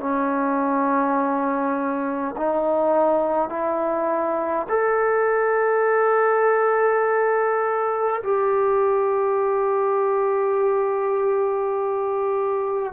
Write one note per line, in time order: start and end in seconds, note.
0.00 2.35 C#4
2.37 3.49 D#4
3.49 4.67 E4
4.69 8.22 A4
8.23 12.93 G4